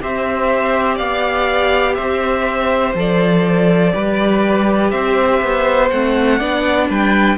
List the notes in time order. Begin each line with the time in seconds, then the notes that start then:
0.00 C4 G4 C5 E5
0.95 B3 D5 F5
1.94 C4 C5 E5
2.94 F3 A4 D5
3.92 G3 G4 B4
4.90 C4 C5 E5
5.41 B3
5.89 A3 C4 F#5
6.37 B3 D4 D5
6.89 G3 B4 G5